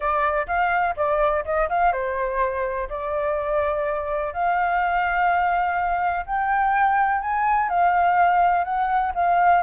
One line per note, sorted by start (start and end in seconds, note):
0.00 0.46 D5
0.47 0.95 F5
0.96 1.44 D5
1.44 1.68 D#5
1.69 1.92 F5
1.92 2.88 C5
2.89 4.33 D5
4.33 6.25 F5
6.25 7.21 G5
7.21 7.69 G#5
7.69 8.64 F5
8.64 9.12 F#5
9.14 9.62 F5